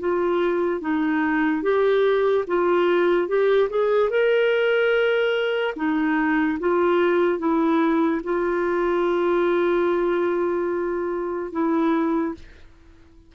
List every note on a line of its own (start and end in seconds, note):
0.00 0.81 F4
0.81 1.63 D#4
1.63 2.45 G4
2.48 3.28 F4
3.28 3.69 G4
3.70 4.11 G#4
4.11 5.75 A#4
5.76 6.59 D#4
6.60 7.39 F4
7.39 8.22 E4
8.24 11.53 F4
11.53 12.35 E4